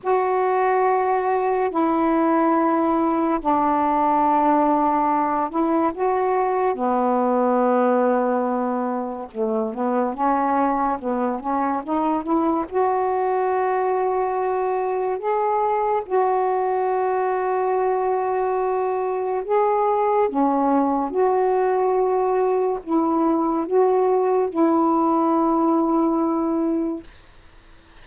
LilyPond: \new Staff \with { instrumentName = "saxophone" } { \time 4/4 \tempo 4 = 71 fis'2 e'2 | d'2~ d'8 e'8 fis'4 | b2. a8 b8 | cis'4 b8 cis'8 dis'8 e'8 fis'4~ |
fis'2 gis'4 fis'4~ | fis'2. gis'4 | cis'4 fis'2 e'4 | fis'4 e'2. | }